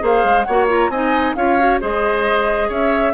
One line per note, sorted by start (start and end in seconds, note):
0.00 0.25 A#3
0.00 0.44 G#4
0.00 0.47 C5
0.00 0.44 F5
0.25 0.47 G#3
0.44 0.90 A#3
0.44 0.91 C#5
0.44 0.66 F#5
0.50 0.69 F#4
0.69 0.91 F4
0.69 0.91 A#5
0.90 1.34 C4
0.90 1.37 D#4
0.90 1.36 D#5
0.90 1.35 G#5
1.35 1.81 C#4
1.35 1.59 F4
1.35 1.82 C#5
1.35 1.80 F5
1.59 1.81 F#4
1.81 2.70 G#3
1.81 3.14 G#4
1.81 2.69 C5
1.81 2.71 D#5
2.69 3.14 C#4
2.69 3.14 C#5
2.69 3.14 E5